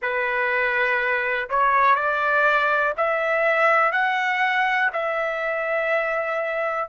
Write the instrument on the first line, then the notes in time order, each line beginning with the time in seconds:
trumpet
0.01 B4
1.49 C#5
1.94 D5
2.97 E5
3.92 F#5
4.92 E5